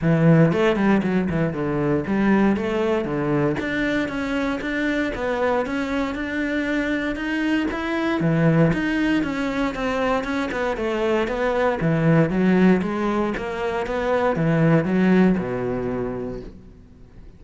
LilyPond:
\new Staff \with { instrumentName = "cello" } { \time 4/4 \tempo 4 = 117 e4 a8 g8 fis8 e8 d4 | g4 a4 d4 d'4 | cis'4 d'4 b4 cis'4 | d'2 dis'4 e'4 |
e4 dis'4 cis'4 c'4 | cis'8 b8 a4 b4 e4 | fis4 gis4 ais4 b4 | e4 fis4 b,2 | }